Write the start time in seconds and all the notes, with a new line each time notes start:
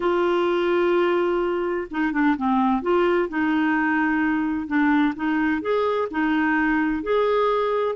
0.00 F4
1.90 D#4
2.12 D4
2.36 C4
2.81 F4
3.28 D#4
4.67 D4
5.15 D#4
5.61 G#4
6.10 D#4
7.02 G#4